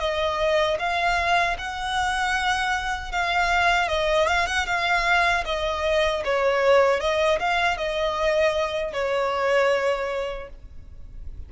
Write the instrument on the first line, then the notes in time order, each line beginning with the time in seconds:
violin
0.00 D#5
0.79 F5
1.58 F#5
3.12 F5
3.89 D#5
4.28 F5
4.47 F#5
4.67 F5
5.45 D#5
6.25 C#5
7.01 D#5
7.40 F5
7.78 D#5
8.93 C#5